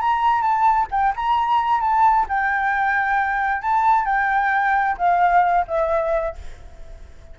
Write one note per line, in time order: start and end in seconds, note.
0.00 0.41 A#5
0.41 0.87 A5
0.90 1.13 G5
1.15 1.80 A#5
1.80 2.26 A5
2.28 3.61 G5
3.61 4.05 A5
4.05 4.96 G5
4.97 5.65 F5
5.67 6.35 E5